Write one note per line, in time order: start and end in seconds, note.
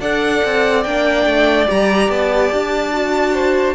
0.00 0.42 D4
0.00 0.85 A4
0.00 3.33 D5
0.00 0.83 F#5
0.45 0.85 C4
0.84 1.25 A#3
0.84 1.67 D4
0.84 1.67 G5
1.25 1.67 A3
1.67 2.09 G3
1.67 2.92 G4
1.67 2.10 A#5
2.09 2.51 B3
2.09 3.75 A5
2.52 3.75 D4
2.93 3.75 F#4
3.33 3.75 C5